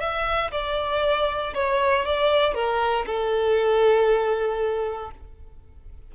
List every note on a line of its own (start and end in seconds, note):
0.00 0.51 E5
0.52 1.54 D5
1.55 2.06 C#5
2.06 2.55 D5
2.55 3.06 A#4
3.06 5.11 A4